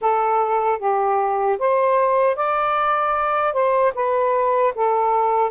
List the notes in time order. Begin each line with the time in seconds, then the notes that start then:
0.01 A4
0.79 G4
1.58 C5
2.35 D5
3.53 C5
3.94 B4
4.75 A4